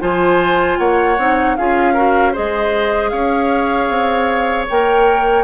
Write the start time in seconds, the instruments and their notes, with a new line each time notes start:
0.00 bassoon F3, clarinet F4, oboe C5, flute G#5
0.78 bassoon A#3, oboe C#5, flute F#5
1.18 bassoon C4, clarinet D#4
1.56 bassoon C#4, clarinet F4, oboe G#4, flute F5
1.93 clarinet F#4, oboe A#4
2.32 clarinet G#4, oboe C5, flute D#5
2.38 bassoon G#3
3.09 bassoon C#4, oboe C#5, flute F5
3.89 bassoon C4
4.69 bassoon A#3, clarinet A#4, flute G5